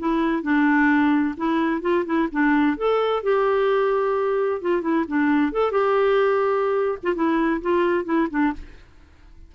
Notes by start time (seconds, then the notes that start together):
0.00 E4
0.43 D4
1.37 E4
1.82 F4
2.06 E4
2.32 D4
2.77 A4
3.23 G4
4.62 F4
4.82 E4
5.08 D4
5.53 A4
5.72 G4
7.03 F4
7.15 E4
7.62 F4
8.05 E4
8.31 D4